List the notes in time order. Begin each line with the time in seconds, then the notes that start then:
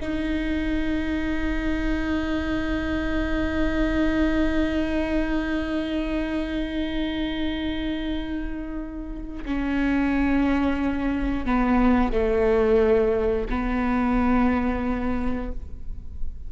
0.00 D#4
9.45 C#4
11.45 B3
12.12 A3
13.49 B3